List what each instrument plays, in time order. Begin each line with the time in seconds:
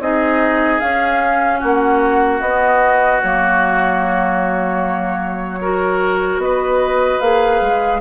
0.00 bassoon C4, clarinet D#4, oboe G#4, flute D#5
0.80 clarinet C#4, bassoon C#4, flute F5
1.60 bassoon A#3, oboe F#4, flute F#5
2.41 bassoon B3, clarinet B3, flute D#5
3.22 bassoon F#3, clarinet A#3, flute C#5
5.62 clarinet F#4, oboe A#4
6.38 bassoon B3, flute D#5
6.44 oboe B4
7.21 bassoon A#3, clarinet G#4, flute F5
7.61 bassoon G#3